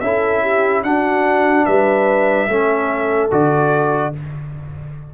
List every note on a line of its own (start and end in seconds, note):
0.00 0.83 C#4
0.00 0.85 E4
0.00 0.42 A4
0.00 0.82 E5
0.42 0.83 G4
0.83 1.65 D4
0.83 2.49 D4
0.83 1.66 F#4
0.83 1.65 F#5
1.65 2.48 G3
1.65 2.48 B4
1.65 3.29 E5
2.48 3.30 A3
2.48 3.30 C#4
2.48 4.14 A4
3.30 4.14 D3
3.30 4.13 F#4
3.30 4.14 D5